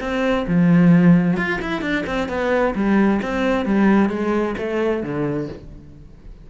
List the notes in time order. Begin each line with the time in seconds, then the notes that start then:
0.00 C4
0.47 F3
1.37 F4
1.61 E4
1.81 D4
2.07 C4
2.28 B3
2.75 G3
3.22 C4
3.65 G3
4.09 G#3
4.57 A3
5.03 D3